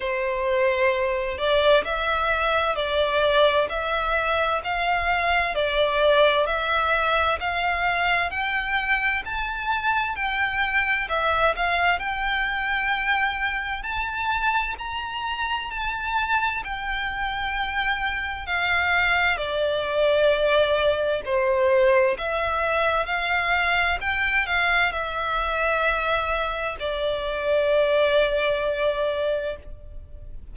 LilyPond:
\new Staff \with { instrumentName = "violin" } { \time 4/4 \tempo 4 = 65 c''4. d''8 e''4 d''4 | e''4 f''4 d''4 e''4 | f''4 g''4 a''4 g''4 | e''8 f''8 g''2 a''4 |
ais''4 a''4 g''2 | f''4 d''2 c''4 | e''4 f''4 g''8 f''8 e''4~ | e''4 d''2. | }